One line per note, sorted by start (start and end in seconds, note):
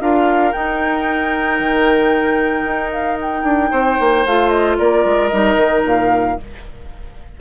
0.00 0.53 D4
0.00 0.52 F4
0.00 3.71 A#4
0.00 0.52 F5
0.52 4.24 D#4
0.52 1.59 D#4
0.52 2.91 G5
1.59 2.64 D#3
2.64 3.43 D#4
2.91 3.18 F5
3.21 4.26 G5
3.43 3.69 D4
3.71 3.98 C4
3.71 4.77 C5
4.00 4.25 A#3
4.25 4.78 A3
4.25 5.31 F4
4.25 4.49 F5
4.49 4.75 D#5
4.78 5.05 A#3
4.78 6.37 A#4
4.78 5.28 D5
5.05 5.31 G#3
5.28 5.56 G3
5.28 6.37 D#4
5.28 5.81 D#5
5.56 5.82 D#3
5.84 6.37 A#2
5.84 6.40 F5